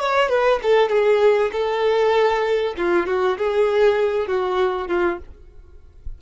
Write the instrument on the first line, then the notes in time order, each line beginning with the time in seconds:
violin
0.00 C#5
0.29 B4
0.63 A4
0.89 G#4
1.52 A4
2.77 F4
3.06 F#4
3.38 G#4
4.27 F#4
4.88 F4